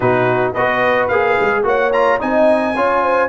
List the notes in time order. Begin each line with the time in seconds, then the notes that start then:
0.00 B2 D#4 F#4 B4
0.53 B3 F#4 B4 D#5
1.08 A#3 G#4 F5
1.40 G#3
1.63 A#3 F#4 C#5 F#5
1.92 F4 A#5
2.19 C4 D#4 D#5 G#5
2.75 C#4 F4 C#5
3.03 C5